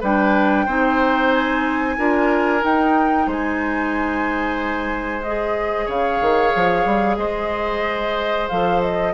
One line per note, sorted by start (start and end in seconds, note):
0.00 0.66 G3
0.00 0.67 D4
0.00 0.65 B4
0.00 1.33 G5
0.65 1.97 C4
0.65 1.97 D#4
0.65 1.96 C5
1.33 2.64 G#5
1.97 2.63 D4
1.97 2.60 F4
1.97 3.26 A#4
2.60 5.21 D#4
2.60 3.27 D#4
2.60 3.29 G5
3.26 5.87 G#3
3.26 5.85 C5
3.26 5.22 G#5
5.22 8.51 G#4
5.22 5.88 D#5
5.85 6.20 C#3
5.85 7.16 C#5
5.85 7.17 F5
6.21 6.53 D#3
6.55 6.85 F3
6.85 7.17 G3
7.17 8.47 G#3
7.17 9.13 C5
7.17 8.47 D#5
8.48 9.13 F3
8.48 9.13 A4
8.48 8.81 F5
8.81 9.13 D#5